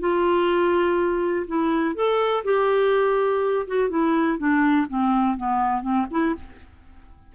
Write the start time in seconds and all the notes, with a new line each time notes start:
0.00 F4
1.47 E4
1.95 A4
2.44 G4
3.67 F#4
3.90 E4
4.38 D4
4.88 C4
5.37 B3
5.82 C4
6.11 E4